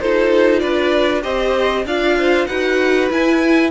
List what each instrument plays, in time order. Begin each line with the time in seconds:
0.00 cello D#4, viola F4, violin A4 C5
0.59 cello D4, violin B4 D5
1.22 cello C4, viola G4, violin C5 D#5
1.85 cello D4, viola F4, violin D5 F5
2.18 violin C5
2.46 cello D#4, viola F#4, violin B4 F#5
3.10 viola E4, cello E4, violin G#5